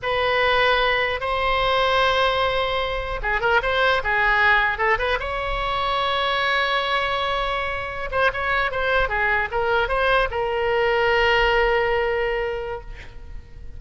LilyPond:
\new Staff \with { instrumentName = "oboe" } { \time 4/4 \tempo 4 = 150 b'2. c''4~ | c''1 | gis'8 ais'8 c''4 gis'2 | a'8 b'8 cis''2.~ |
cis''1~ | cis''16 c''8 cis''4 c''4 gis'4 ais'16~ | ais'8. c''4 ais'2~ ais'16~ | ais'1 | }